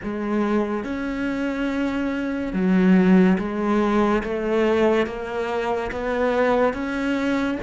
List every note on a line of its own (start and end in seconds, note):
0.03 0.84 G#3
0.84 2.53 C#4
2.53 3.37 F#3
3.38 4.23 G#3
4.23 5.06 A3
5.06 5.90 A#3
5.92 6.73 B3
6.73 7.57 C#4